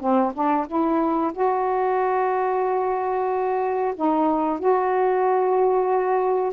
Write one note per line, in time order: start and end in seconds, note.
0.00 0.33 C4
0.34 0.66 D4
0.67 1.32 E4
1.33 3.94 F#4
3.95 4.59 D#4
4.59 6.53 F#4